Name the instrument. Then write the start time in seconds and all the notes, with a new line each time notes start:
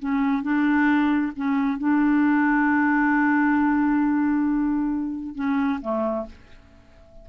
clarinet
0.00 C#4
0.43 D4
1.37 C#4
1.79 D4
5.36 C#4
5.82 A3